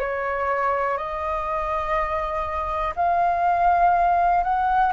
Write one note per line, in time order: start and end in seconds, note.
0.00 0.98 C#5
0.98 2.95 D#5
2.96 4.44 F5
4.44 4.93 F#5